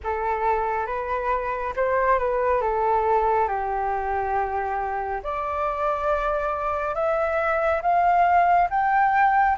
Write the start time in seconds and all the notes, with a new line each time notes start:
0.03 A4
0.86 B4
1.76 C5
2.19 B4
2.61 A4
3.47 G4
5.23 D5
6.94 E5
7.81 F5
8.70 G5